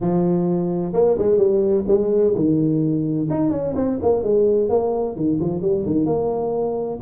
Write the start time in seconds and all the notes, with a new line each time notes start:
0.00 F3
0.93 A#3
1.18 G#3
1.37 G3
1.87 G#3
2.35 D#3
3.29 D#4
3.50 C#4
3.75 C4
4.01 A#3
4.23 G#3
4.69 A#3
5.16 D#3
5.40 F3
5.61 G3
5.86 D#3
6.05 A#3